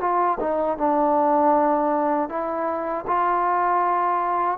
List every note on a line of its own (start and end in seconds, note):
0.00 0.38 F4
0.39 0.77 D#4
0.77 2.29 D4
2.29 3.04 E4
3.07 4.58 F4